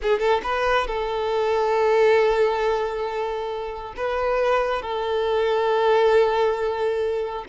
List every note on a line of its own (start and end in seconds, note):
0.02 0.19 G#4
0.19 0.41 A4
0.43 0.87 B4
0.87 3.93 A4
3.96 4.82 B4
4.82 7.44 A4